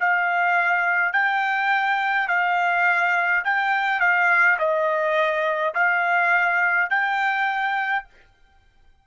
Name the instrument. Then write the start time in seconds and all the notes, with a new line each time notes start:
trumpet
0.00 F5
1.13 G5
2.28 F5
3.44 G5
4.00 F5
4.58 D#5
5.74 F5
6.90 G5